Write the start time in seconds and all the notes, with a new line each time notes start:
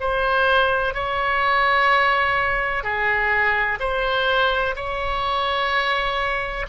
0.00 C5
0.94 C#5
2.83 G#4
3.80 C5
4.76 C#5